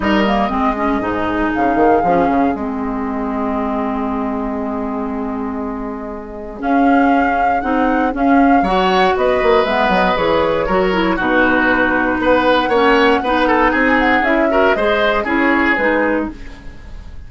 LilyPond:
<<
  \new Staff \with { instrumentName = "flute" } { \time 4/4 \tempo 4 = 118 dis''2. f''4~ | f''4 dis''2.~ | dis''1~ | dis''4 f''2 fis''4 |
f''4 fis''4 dis''4 e''8 dis''8 | cis''2 b'2 | fis''2. gis''8 fis''8 | e''4 dis''4 cis''4 b'4 | }
  \new Staff \with { instrumentName = "oboe" } { \time 4/4 ais'4 gis'2.~ | gis'1~ | gis'1~ | gis'1~ |
gis'4 cis''4 b'2~ | b'4 ais'4 fis'2 | b'4 cis''4 b'8 a'8 gis'4~ | gis'8 ais'8 c''4 gis'2 | }
  \new Staff \with { instrumentName = "clarinet" } { \time 4/4 dis'8 ais8 c'8 cis'8 dis'2 | cis'4 c'2.~ | c'1~ | c'4 cis'2 dis'4 |
cis'4 fis'2 b4 | gis'4 fis'8 e'8 dis'2~ | dis'4 cis'4 dis'2 | e'8 fis'8 gis'4 e'4 dis'4 | }
  \new Staff \with { instrumentName = "bassoon" } { \time 4/4 g4 gis4 gis,4 cis8 dis8 | f8 cis8 gis2.~ | gis1~ | gis4 cis'2 c'4 |
cis'4 fis4 b8 ais8 gis8 fis8 | e4 fis4 b,2 | b4 ais4 b4 c'4 | cis'4 gis4 cis'4 gis4 | }
>>